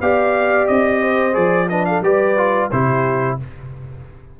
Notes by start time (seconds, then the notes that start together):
0.00 B3 G4 D5 F5
0.67 C4 D#5
1.01 C5
1.33 F3 G#4 D5
1.68 D4 B4 D#5
1.85 A4 F5
2.01 G3 G4 B4 D5
2.37 F4
2.71 C3 E4 G4 C5